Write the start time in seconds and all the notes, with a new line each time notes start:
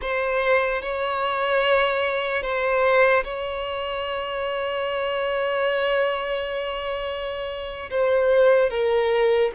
0.01 C5
0.81 C#5
2.42 C5
3.24 C#5
7.90 C5
8.69 A#4